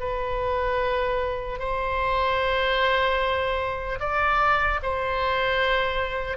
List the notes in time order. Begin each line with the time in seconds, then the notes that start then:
0.00 B4
1.59 C5
4.00 D5
4.83 C5